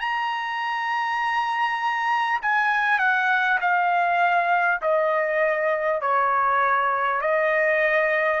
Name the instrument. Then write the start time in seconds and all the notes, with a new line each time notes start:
trumpet
0.00 A#5
2.42 G#5
2.98 F#5
3.61 F5
4.81 D#5
6.01 C#5
7.21 D#5